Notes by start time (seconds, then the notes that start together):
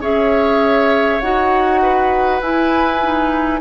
0.00 C#4 G#4 C#5 E5
1.20 D#4 F#4 F#5
1.82 B4
2.41 E4 G#5
3.02 D#4